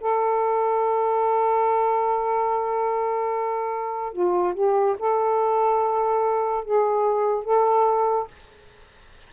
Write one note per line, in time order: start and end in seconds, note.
0.00 4.12 A4
4.12 4.54 F4
4.54 4.95 G4
4.98 6.64 A4
6.64 7.44 G#4
7.44 8.27 A4